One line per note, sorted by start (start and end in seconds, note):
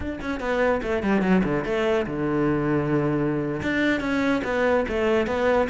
0.00 0.19 D4
0.21 0.39 C#4
0.39 0.81 B3
0.82 1.02 A3
1.02 1.21 G3
1.21 1.42 F#3
1.44 1.64 D3
1.64 2.06 A3
2.06 3.61 D3
3.62 4.00 D4
4.00 4.41 C#4
4.44 4.85 B3
4.88 5.26 A3
5.26 5.68 B3